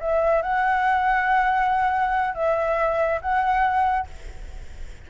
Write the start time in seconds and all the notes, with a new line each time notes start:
0.00 E5
0.42 F#5
2.34 E5
3.21 F#5